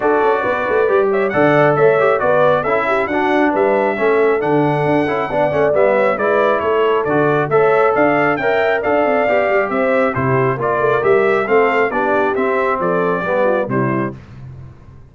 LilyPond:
<<
  \new Staff \with { instrumentName = "trumpet" } { \time 4/4 \tempo 4 = 136 d''2~ d''8 e''8 fis''4 | e''4 d''4 e''4 fis''4 | e''2 fis''2~ | fis''4 e''4 d''4 cis''4 |
d''4 e''4 f''4 g''4 | f''2 e''4 c''4 | d''4 e''4 f''4 d''4 | e''4 d''2 c''4 | }
  \new Staff \with { instrumentName = "horn" } { \time 4/4 a'4 b'4. cis''8 d''4 | cis''4 b'4 a'8 g'8 fis'4 | b'4 a'2. | d''4. cis''8 b'4 a'4~ |
a'4 cis''4 d''4 e''4 | d''2 c''4 g'4 | ais'2 a'4 g'4~ | g'4 a'4 g'8 f'8 e'4 | }
  \new Staff \with { instrumentName = "trombone" } { \time 4/4 fis'2 g'4 a'4~ | a'8 g'8 fis'4 e'4 d'4~ | d'4 cis'4 d'4. e'8 | d'8 cis'8 b4 e'2 |
fis'4 a'2 ais'4 | a'4 g'2 e'4 | f'4 g'4 c'4 d'4 | c'2 b4 g4 | }
  \new Staff \with { instrumentName = "tuba" } { \time 4/4 d'8 cis'8 b8 a8 g4 d4 | a4 b4 cis'4 d'4 | g4 a4 d4 d'8 cis'8 | b8 a8 g4 gis4 a4 |
d4 a4 d'4 cis'4 | d'8 c'8 b8 g8 c'4 c4 | ais8 a8 g4 a4 b4 | c'4 f4 g4 c4 | }
>>